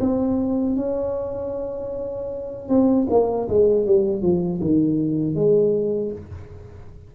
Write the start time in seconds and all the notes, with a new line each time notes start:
0.00 C4
0.76 C#4
2.69 C4
3.09 A#3
3.48 G#3
3.85 G3
4.22 F3
4.61 D#3
5.35 G#3